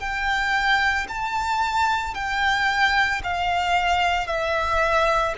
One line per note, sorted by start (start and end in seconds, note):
0.00 1.07 G5
1.09 2.15 A5
2.15 3.22 G5
3.24 4.28 F5
4.28 5.35 E5